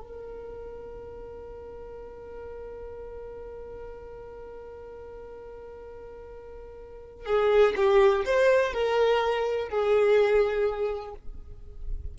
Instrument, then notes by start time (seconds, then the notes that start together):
violin
0.00 A#4
7.25 G#4
7.76 G4
8.25 C5
8.73 A#4
9.68 G#4